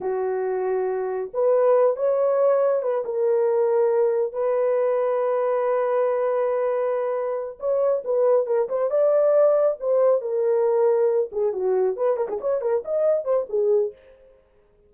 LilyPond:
\new Staff \with { instrumentName = "horn" } { \time 4/4 \tempo 4 = 138 fis'2. b'4~ | b'8 cis''2 b'8 ais'4~ | ais'2 b'2~ | b'1~ |
b'4. cis''4 b'4 ais'8 | c''8 d''2 c''4 ais'8~ | ais'2 gis'8 fis'4 b'8 | ais'16 gis'16 cis''8 ais'8 dis''4 c''8 gis'4 | }